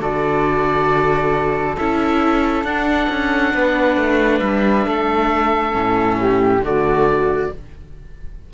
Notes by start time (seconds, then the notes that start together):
0.00 D3 F#4 A4 D5
1.77 C#4 E4 E5
2.64 D4 F#5
3.10 C#4
3.54 B3 B4
3.97 A3
4.40 G3 E5
4.86 A3 A4
5.72 A2 C#4
6.20 G4
6.59 D3 A3 F#4
6.65 D5